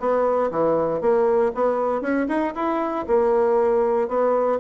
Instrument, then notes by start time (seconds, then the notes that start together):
bassoon
0.00 B3
0.51 E3
1.01 A#3
1.55 B3
2.02 C#4
2.28 D#4
2.55 E4
3.08 A#3
4.08 B3